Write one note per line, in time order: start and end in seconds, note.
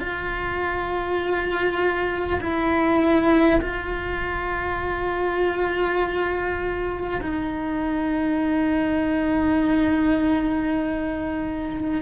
0.00 2.40 F4
2.41 3.61 E4
3.61 7.21 F4
7.22 12.02 D#4